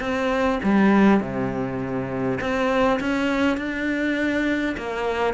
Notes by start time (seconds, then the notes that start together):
0.00 C4
0.63 G3
1.20 C3
2.40 C4
3.00 C#4
3.57 D4
4.77 A#3